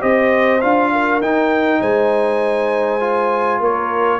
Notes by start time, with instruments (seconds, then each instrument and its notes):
0.00 tuba C4, trombone G4, horn C5, trumpet D#5
0.61 tuba D4, trombone F4, trumpet F5
0.92 horn A#4
1.21 tuba D#4, trombone D#4, trumpet G5
1.80 tuba G#3, horn C5, trumpet G#5
3.00 trombone F4
3.60 tuba A#3, horn A#4, trumpet C#5